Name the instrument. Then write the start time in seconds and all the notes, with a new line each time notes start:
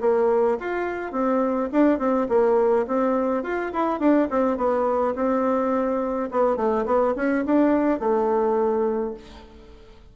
bassoon
0.00 A#3
0.59 F4
1.12 C4
1.72 D4
1.98 C4
2.29 A#3
2.87 C4
3.43 F4
3.72 E4
3.99 D4
4.30 C4
4.57 B3
5.15 C4
6.31 B3
6.56 A3
6.85 B3
7.16 C#4
7.45 D4
7.99 A3